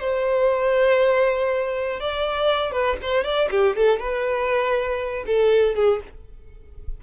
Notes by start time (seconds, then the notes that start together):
0.00 C5
2.00 D5
2.72 B4
3.02 C5
3.24 D5
3.51 G4
3.76 A4
3.99 B4
5.27 A4
5.75 G#4